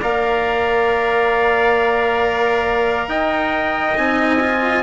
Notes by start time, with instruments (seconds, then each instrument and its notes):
0.00 bassoon A#3, cello A#4, trumpet D5 F5
3.08 bassoon D#4, trumpet D#5 G5
3.95 bassoon C4, cello D#4, trumpet G#5
4.40 cello F4